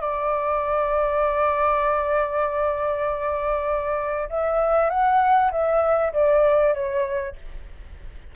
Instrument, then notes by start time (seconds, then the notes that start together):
flute
0.00 D5
4.29 E5
4.89 F#5
5.51 E5
6.13 D5
6.74 C#5